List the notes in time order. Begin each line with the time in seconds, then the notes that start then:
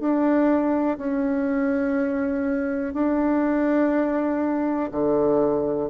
0.00 D4
0.98 C#4
2.94 D4
4.91 D3